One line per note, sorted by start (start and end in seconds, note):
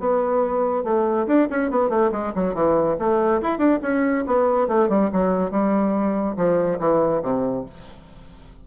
0.00 0.84 B3
0.84 1.27 A3
1.27 1.49 D4
1.50 1.71 C#4
1.71 1.90 B3
1.90 2.11 A3
2.12 2.33 G#3
2.35 2.54 F#3
2.54 2.97 E3
2.99 3.42 A3
3.42 3.59 E4
3.59 3.80 D4
3.83 4.25 C#4
4.27 4.68 B3
4.68 4.89 A3
4.89 5.10 G3
5.13 5.51 F#3
5.51 6.37 G3
6.37 6.79 F3
6.80 7.22 E3
7.23 7.66 C3